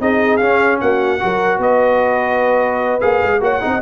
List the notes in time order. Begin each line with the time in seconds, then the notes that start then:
0.00 C4 D#4 G#4 D#5
0.37 C#4 F5
0.80 A#3 F#4 F#5
1.20 F#3 F#4 A#4
1.58 B3 B4 D#5
3.01 A#3 G#4 F5
3.22 G#3
3.40 A#3 F#4 C#5 F#5
3.61 C4 D#4 D#5